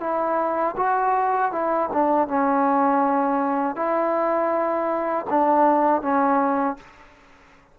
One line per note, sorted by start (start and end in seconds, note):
0.00 0.75 E4
0.76 1.51 F#4
1.52 1.89 E4
1.93 2.27 D4
2.27 3.76 C#4
3.76 5.26 E4
5.29 6.01 D4
6.01 6.76 C#4